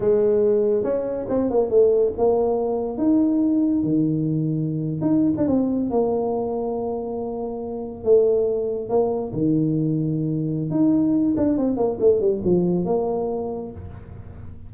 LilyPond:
\new Staff \with { instrumentName = "tuba" } { \time 4/4 \tempo 4 = 140 gis2 cis'4 c'8 ais8 | a4 ais2 dis'4~ | dis'4 dis2~ dis8. dis'16~ | dis'8 d'16 c'4 ais2~ ais16~ |
ais2~ ais8. a4~ a16~ | a8. ais4 dis2~ dis16~ | dis4 dis'4. d'8 c'8 ais8 | a8 g8 f4 ais2 | }